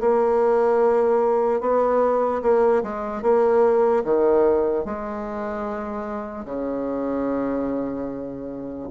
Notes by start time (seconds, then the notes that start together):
0.00 A#3
1.60 B3
2.42 A#3
2.83 G#3
3.22 A#3
4.04 D#3
4.85 G#3
6.45 C#3